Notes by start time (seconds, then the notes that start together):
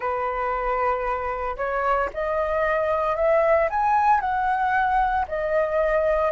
0.00 B4
1.56 C#5
2.13 D#5
3.16 E5
3.69 G#5
4.20 F#5
5.27 D#5